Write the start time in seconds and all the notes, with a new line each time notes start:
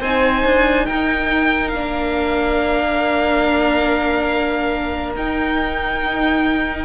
0.00 C4 D#4 C5 G#5
0.44 D4
0.86 D#4 A#4 G5
1.68 A#3 D4 F5
5.15 D#4 G5